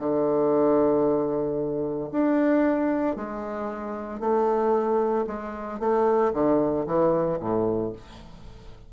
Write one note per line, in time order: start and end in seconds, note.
0.00 2.11 D3
2.12 3.17 D4
3.17 4.21 G#3
4.21 5.26 A3
5.27 5.80 G#3
5.80 6.33 A3
6.34 6.86 D3
6.87 7.39 E3
7.40 7.93 A2